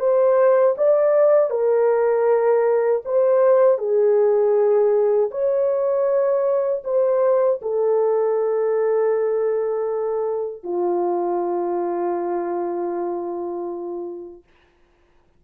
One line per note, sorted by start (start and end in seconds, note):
0.00 0.76 C5
0.78 1.51 D5
1.51 3.02 A#4
3.05 3.78 C5
3.78 5.30 G#4
5.31 6.83 C#5
6.85 7.61 C5
7.62 10.64 A4
10.64 14.44 F4